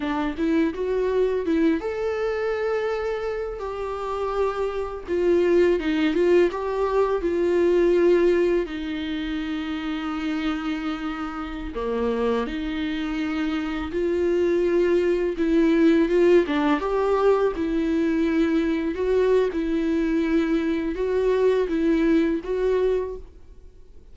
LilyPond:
\new Staff \with { instrumentName = "viola" } { \time 4/4 \tempo 4 = 83 d'8 e'8 fis'4 e'8 a'4.~ | a'4 g'2 f'4 | dis'8 f'8 g'4 f'2 | dis'1~ |
dis'16 ais4 dis'2 f'8.~ | f'4~ f'16 e'4 f'8 d'8 g'8.~ | g'16 e'2 fis'8. e'4~ | e'4 fis'4 e'4 fis'4 | }